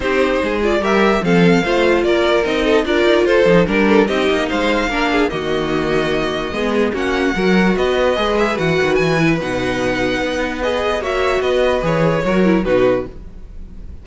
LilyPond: <<
  \new Staff \with { instrumentName = "violin" } { \time 4/4 \tempo 4 = 147 c''4. d''8 e''4 f''4~ | f''4 d''4 dis''4 d''4 | c''4 ais'4 dis''4 f''4~ | f''4 dis''2.~ |
dis''4 fis''2 dis''4~ | dis''8 e''8 fis''4 gis''4 fis''4~ | fis''2 dis''4 e''4 | dis''4 cis''2 b'4 | }
  \new Staff \with { instrumentName = "violin" } { \time 4/4 g'4 gis'4 ais'4 a'4 | c''4 ais'4. a'8 ais'4 | a'4 ais'8 a'8 g'4 c''4 | ais'8 gis'8 fis'2. |
gis'4 fis'4 ais'4 b'4~ | b'1~ | b'2. cis''4 | b'2 ais'4 fis'4 | }
  \new Staff \with { instrumentName = "viola" } { \time 4/4 dis'4. f'8 g'4 c'4 | f'2 dis'4 f'4~ | f'8 dis'8 d'4 dis'2 | d'4 ais2. |
b4 cis'4 fis'2 | gis'4 fis'4. e'8 dis'4~ | dis'2 gis'4 fis'4~ | fis'4 gis'4 fis'8 e'8 dis'4 | }
  \new Staff \with { instrumentName = "cello" } { \time 4/4 c'4 gis4 g4 f4 | a4 ais4 c'4 d'8 dis'8 | f'8 f8 g4 c'8 ais8 gis4 | ais4 dis2. |
gis4 ais4 fis4 b4 | gis4 e8 dis8 e4 b,4~ | b,4 b2 ais4 | b4 e4 fis4 b,4 | }
>>